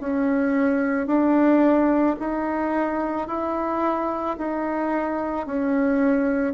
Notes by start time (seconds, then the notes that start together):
0.00 C#4
1.07 D4
2.19 D#4
3.27 E4
4.38 D#4
5.46 C#4